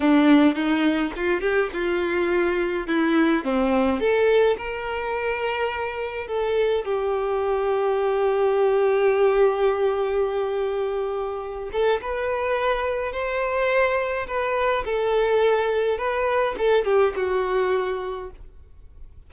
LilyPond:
\new Staff \with { instrumentName = "violin" } { \time 4/4 \tempo 4 = 105 d'4 dis'4 f'8 g'8 f'4~ | f'4 e'4 c'4 a'4 | ais'2. a'4 | g'1~ |
g'1~ | g'8 a'8 b'2 c''4~ | c''4 b'4 a'2 | b'4 a'8 g'8 fis'2 | }